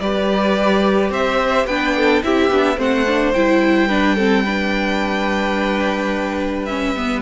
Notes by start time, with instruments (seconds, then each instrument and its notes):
0.00 cello G3, viola G4, violin B4 D5
1.10 cello C4, violin C5 E5
1.67 cello B3, viola D4, violin B4 G5
1.97 violin A4
2.23 cello C4, viola E4, violin G4 E5
2.50 cello B3, viola D4
2.77 cello A3, viola C4, violin C5 F#5
3.07 viola D4
3.34 cello G3, viola E4, violin G5
3.88 viola D4, violin B4
4.16 viola C4, violin A4
4.45 viola D4, violin B4
6.65 viola C#4, violin E5
6.97 viola B3